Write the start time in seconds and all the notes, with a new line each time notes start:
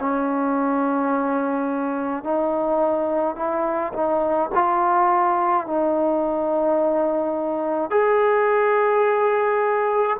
0.00 C#4
2.24 D#4
3.36 E4
3.93 D#4
4.55 F4
5.67 D#4
7.90 G#4